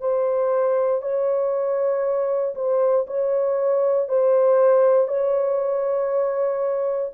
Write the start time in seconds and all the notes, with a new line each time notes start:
0.00 C5
1.02 C#5
2.55 C5
3.07 C#5
4.09 C5
5.08 C#5